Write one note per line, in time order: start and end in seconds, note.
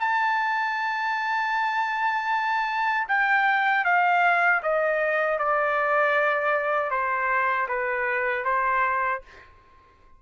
0.00 3.08 A5
3.08 3.85 G5
3.85 4.62 F5
4.63 5.38 D#5
5.38 6.91 D5
6.91 7.67 C5
7.69 8.45 B4
8.45 9.22 C5